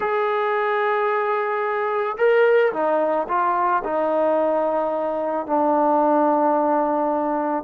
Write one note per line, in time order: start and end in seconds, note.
0.00 2.16 G#4
2.17 2.72 A#4
2.72 3.27 D#4
3.28 3.83 F4
3.84 5.46 D#4
5.46 7.64 D4